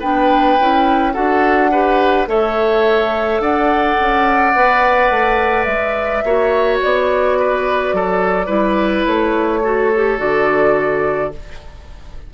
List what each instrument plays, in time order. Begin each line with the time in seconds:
0.00 bassoon B3, clarinet D4, oboe B4, flute G5
0.59 bassoon C#4, clarinet E4
1.13 bassoon D4, clarinet F#4, oboe A4, flute F#5
1.72 clarinet G4, oboe B4
2.27 bassoon A3, clarinet A4, oboe C#5, flute E5
3.40 bassoon D4, oboe D5, flute F#5
4.00 bassoon C#4
4.55 bassoon B3, clarinet B4
5.10 bassoon A3
5.64 bassoon G#3, flute E5
6.24 bassoon A#3, clarinet F#4, oboe C#5
6.82 bassoon B3, flute D5
7.39 oboe B4
7.93 bassoon F#3, oboe A4
8.46 bassoon G3, clarinet E4, oboe B4
9.06 bassoon A3, flute C#5
9.64 clarinet F#4, oboe A4
9.96 clarinet G4
10.18 bassoon D3, clarinet F#4, flute D5